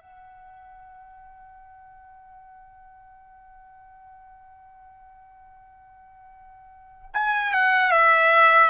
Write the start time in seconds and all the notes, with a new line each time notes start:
0.00 F#5
7.14 G#5
7.53 F#5
7.91 E5